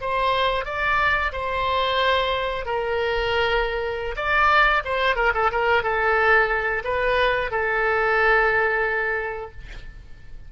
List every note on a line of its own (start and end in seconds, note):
0.00 0.65 C5
0.65 1.32 D5
1.32 2.65 C5
2.65 4.15 A#4
4.16 4.82 D5
4.84 5.15 C5
5.15 5.32 A#4
5.34 5.50 A4
5.51 5.82 A#4
5.82 6.82 A4
6.84 7.50 B4
7.51 9.51 A4